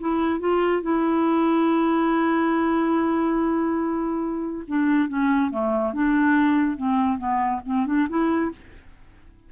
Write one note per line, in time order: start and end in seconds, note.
0.00 0.40 E4
0.40 0.82 F4
0.82 4.65 E4
4.67 5.09 D4
5.09 5.51 C#4
5.51 5.94 A3
5.94 6.77 D4
6.77 7.18 C4
7.18 7.61 B3
7.66 7.86 C4
7.86 8.08 D4
8.09 8.51 E4